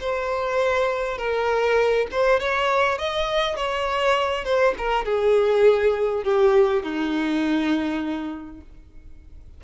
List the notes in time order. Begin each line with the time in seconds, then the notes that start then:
0.00 C5
1.17 A#4
2.11 C5
2.40 C#5
2.98 D#5
3.56 C#5
4.44 C5
4.78 A#4
5.05 G#4
6.23 G4
6.83 D#4